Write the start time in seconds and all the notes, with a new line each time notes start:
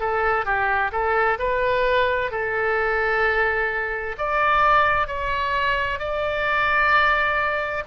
0.00 A4
0.45 G4
0.92 A4
1.39 B4
2.31 A4
4.18 D5
5.08 C#5
5.99 D5